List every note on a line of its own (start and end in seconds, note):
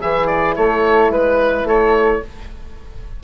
0.00 0.57 E3
0.00 2.23 E4
0.00 0.56 G#4
0.00 0.27 E5
0.27 0.55 D5
0.56 1.10 A3
0.56 1.11 A4
0.56 1.11 C#5
1.10 1.64 G#3
1.10 1.67 B4
1.10 1.68 B4
1.64 2.20 A3
1.64 2.22 A4
1.64 2.24 C#5